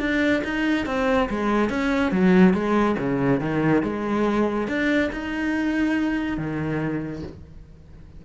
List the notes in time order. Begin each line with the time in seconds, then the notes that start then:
0.00 D4
0.44 D#4
0.86 C4
1.30 G#3
1.70 C#4
2.12 F#3
2.54 G#3
2.99 C#3
3.41 D#3
3.83 G#3
4.68 D4
5.13 D#4
6.38 D#3